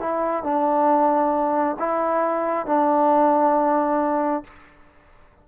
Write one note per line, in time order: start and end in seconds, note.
0.00 0.43 E4
0.43 1.77 D4
1.79 2.66 E4
2.66 4.44 D4